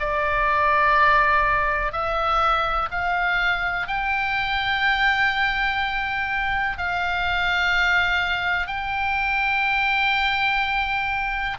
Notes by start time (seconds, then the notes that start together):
0.00 D5
1.92 E5
2.91 F5
3.88 G5
6.78 F5
8.67 G5